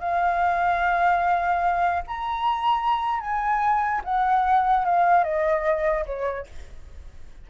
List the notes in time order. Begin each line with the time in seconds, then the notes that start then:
0.00 F5
2.07 A#5
3.21 G#5
4.04 F#5
4.86 F5
5.24 D#5
6.06 C#5